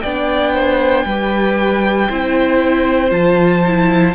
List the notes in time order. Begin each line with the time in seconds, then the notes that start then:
0.00 B3 D4 D5 G5
0.53 C5
1.05 G3 G4 B4
2.08 C4 E4 C5
3.10 F3 F4 A5
3.66 E4